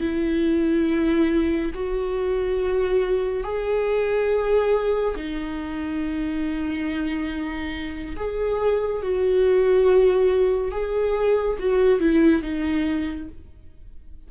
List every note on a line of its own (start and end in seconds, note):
0.00 1.71 E4
1.74 3.43 F#4
3.43 5.15 G#4
5.15 8.15 D#4
8.16 9.02 G#4
9.02 10.71 F#4
10.71 11.57 G#4
11.59 12.00 F#4
12.00 12.42 E4
12.42 13.28 D#4